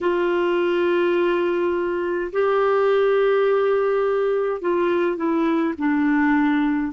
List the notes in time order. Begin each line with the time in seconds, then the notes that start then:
0.01 F4
2.32 G4
4.61 F4
5.16 E4
5.77 D4